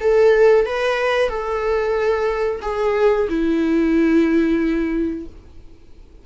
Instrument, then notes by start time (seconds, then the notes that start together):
viola
0.00 A4
0.65 B4
1.29 A4
2.62 G#4
3.28 E4